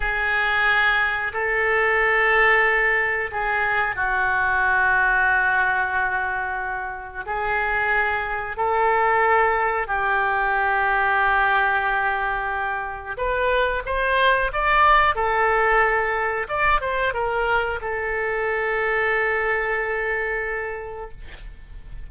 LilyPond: \new Staff \with { instrumentName = "oboe" } { \time 4/4 \tempo 4 = 91 gis'2 a'2~ | a'4 gis'4 fis'2~ | fis'2. gis'4~ | gis'4 a'2 g'4~ |
g'1 | b'4 c''4 d''4 a'4~ | a'4 d''8 c''8 ais'4 a'4~ | a'1 | }